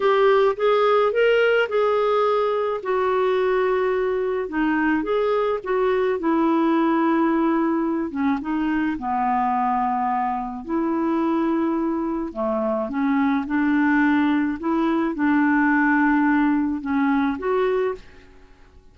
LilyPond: \new Staff \with { instrumentName = "clarinet" } { \time 4/4 \tempo 4 = 107 g'4 gis'4 ais'4 gis'4~ | gis'4 fis'2. | dis'4 gis'4 fis'4 e'4~ | e'2~ e'8 cis'8 dis'4 |
b2. e'4~ | e'2 a4 cis'4 | d'2 e'4 d'4~ | d'2 cis'4 fis'4 | }